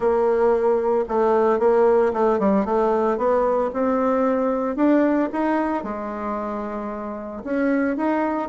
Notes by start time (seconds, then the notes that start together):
0.00 A#3
1.08 A3
1.59 A#3
2.13 A3
2.39 G3
2.65 A3
3.17 B3
3.73 C4
4.76 D4
5.32 D#4
5.83 G#3
7.44 C#4
7.96 D#4